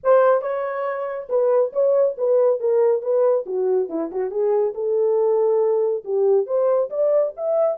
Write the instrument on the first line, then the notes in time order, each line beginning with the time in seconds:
horn
0.03 C5
0.41 C#5
1.29 B4
1.73 C#5
2.17 B4
2.59 A#4
3.02 B4
3.46 F#4
3.89 E4
4.11 F#4
4.30 G#4
4.74 A4
6.04 G4
6.46 C5
6.90 D5
7.37 E5